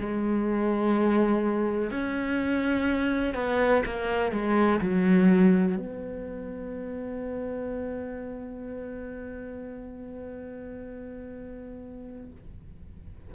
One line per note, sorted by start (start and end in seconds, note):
0.00 1.91 G#3
1.91 3.35 C#4
3.35 3.84 B3
3.86 4.32 A#3
4.32 4.80 G#3
4.82 5.78 F#3
5.78 12.31 B3